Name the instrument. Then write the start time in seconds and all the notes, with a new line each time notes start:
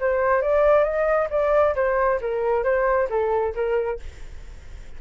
flute
0.00 C5
0.42 D5
0.84 D#5
1.30 D5
1.75 C5
2.21 A#4
2.64 C5
3.10 A4
3.55 A#4